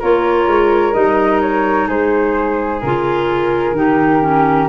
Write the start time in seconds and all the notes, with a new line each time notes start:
0.00 A#3 F4 A#4 C#5
0.47 G#3
0.93 G3 D#4 D#5
1.41 C#5
1.88 G#3 G#4 C5
2.81 C#3 F4 A#4
3.72 D#3 D#4 G4
4.22 C#4